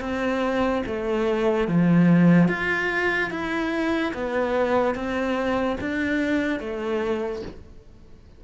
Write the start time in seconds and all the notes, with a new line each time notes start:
0.00 C4
0.86 A3
1.67 F3
2.48 F4
3.30 E4
4.14 B3
4.95 C4
5.80 D4
6.59 A3